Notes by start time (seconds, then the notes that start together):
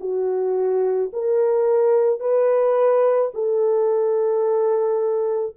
0.00 F#4
1.13 A#4
2.20 B4
3.34 A4